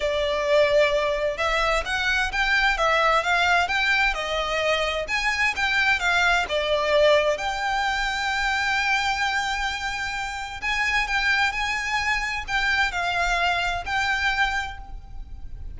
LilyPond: \new Staff \with { instrumentName = "violin" } { \time 4/4 \tempo 4 = 130 d''2. e''4 | fis''4 g''4 e''4 f''4 | g''4 dis''2 gis''4 | g''4 f''4 d''2 |
g''1~ | g''2. gis''4 | g''4 gis''2 g''4 | f''2 g''2 | }